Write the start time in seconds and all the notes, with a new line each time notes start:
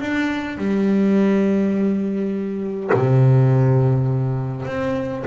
0.00 D4
0.57 G3
2.93 C3
4.65 C4